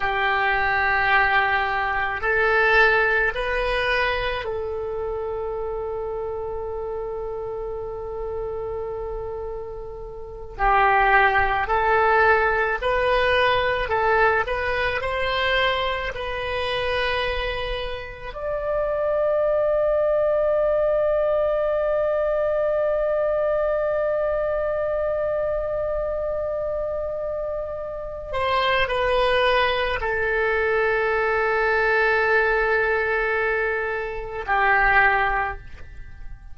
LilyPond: \new Staff \with { instrumentName = "oboe" } { \time 4/4 \tempo 4 = 54 g'2 a'4 b'4 | a'1~ | a'4. g'4 a'4 b'8~ | b'8 a'8 b'8 c''4 b'4.~ |
b'8 d''2.~ d''8~ | d''1~ | d''4. c''8 b'4 a'4~ | a'2. g'4 | }